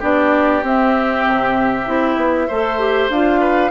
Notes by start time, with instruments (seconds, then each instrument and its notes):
0.00 bassoon B3, clarinet D4, oboe G4, flute D5
0.63 bassoon C4, clarinet C4, flute E5
1.28 bassoon C3
1.86 bassoon C4, clarinet E4
2.17 bassoon B3
2.48 bassoon A3, clarinet A4, oboe C5
2.79 clarinet G4
3.10 bassoon D4, clarinet F4, flute F5
3.40 oboe B4